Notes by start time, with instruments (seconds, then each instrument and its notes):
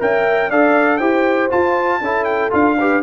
0.00 tuba C#4, trombone A#4, horn E5, trumpet G5
0.51 tuba D4, trombone A4, horn D5, trumpet F5
0.98 tuba E4, trombone G4, horn C5, trumpet G5
1.51 trombone F4, tuba F4, trumpet A5
2.01 tuba C#4, trombone E4, horn A4
2.25 trumpet G5
2.51 tuba D4, trombone F4, trumpet F5
2.79 trombone G4, horn B4